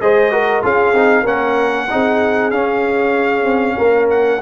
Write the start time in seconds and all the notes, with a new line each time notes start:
0.00 G#3 G#4 C5 D#5
0.31 F#4 A#4
0.62 C#4 F4 G#4 F5
0.92 C4 D#4
1.22 A#3 C#4 A#4 F#5
1.89 C4 D#4 G#4
2.50 C#4 F5
3.43 C4
3.77 A#3 A#4
4.10 F#5